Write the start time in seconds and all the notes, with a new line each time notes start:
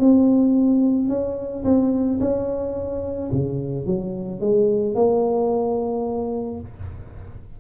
0.00 C4
1.09 C#4
1.65 C4
2.21 C#4
3.33 C#3
3.86 F#3
4.41 G#3
4.95 A#3